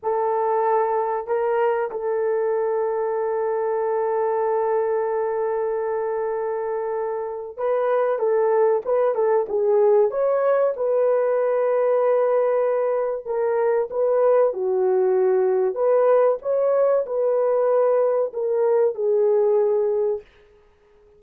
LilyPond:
\new Staff \with { instrumentName = "horn" } { \time 4/4 \tempo 4 = 95 a'2 ais'4 a'4~ | a'1~ | a'1 | b'4 a'4 b'8 a'8 gis'4 |
cis''4 b'2.~ | b'4 ais'4 b'4 fis'4~ | fis'4 b'4 cis''4 b'4~ | b'4 ais'4 gis'2 | }